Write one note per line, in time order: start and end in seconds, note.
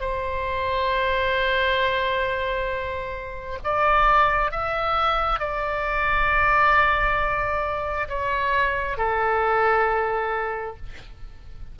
0.00 3.58 C5
3.63 4.51 D5
4.51 5.39 E5
5.39 8.08 D5
8.08 8.97 C#5
8.97 10.76 A4